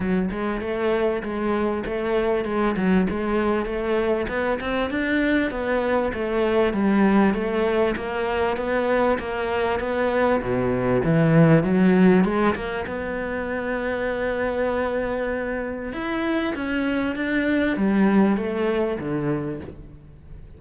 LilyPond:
\new Staff \with { instrumentName = "cello" } { \time 4/4 \tempo 4 = 98 fis8 gis8 a4 gis4 a4 | gis8 fis8 gis4 a4 b8 c'8 | d'4 b4 a4 g4 | a4 ais4 b4 ais4 |
b4 b,4 e4 fis4 | gis8 ais8 b2.~ | b2 e'4 cis'4 | d'4 g4 a4 d4 | }